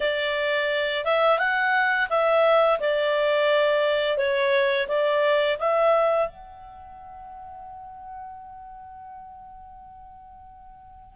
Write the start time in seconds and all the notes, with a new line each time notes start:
0.00 D5
1.04 E5
1.38 F#5
2.09 E5
2.80 D5
4.17 C#5
4.87 D5
5.58 E5
6.28 F#5